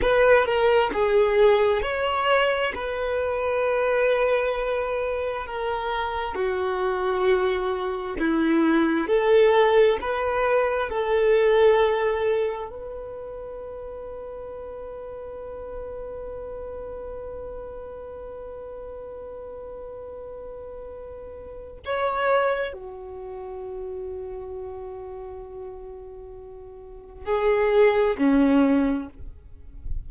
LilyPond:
\new Staff \with { instrumentName = "violin" } { \time 4/4 \tempo 4 = 66 b'8 ais'8 gis'4 cis''4 b'4~ | b'2 ais'4 fis'4~ | fis'4 e'4 a'4 b'4 | a'2 b'2~ |
b'1~ | b'1 | cis''4 fis'2.~ | fis'2 gis'4 cis'4 | }